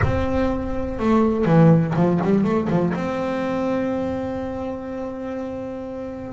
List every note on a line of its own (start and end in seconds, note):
0.02 0.99 C4
0.99 1.45 A3
1.45 1.94 E3
1.96 2.20 F3
2.23 2.43 G3
2.43 2.68 A3
2.69 2.93 F3
2.94 6.32 C4